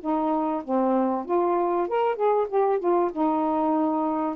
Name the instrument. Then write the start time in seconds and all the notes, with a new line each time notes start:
saxophone
0.00 D#4
0.64 C4
1.25 F4
1.88 A#4
2.15 G#4
2.48 G4
2.79 F4
3.12 D#4